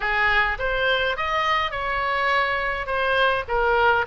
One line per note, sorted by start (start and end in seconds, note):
0.00 0.58 G#4
0.58 1.16 C5
1.16 1.71 D#5
1.71 2.86 C#5
2.86 3.44 C5
3.47 4.05 A#4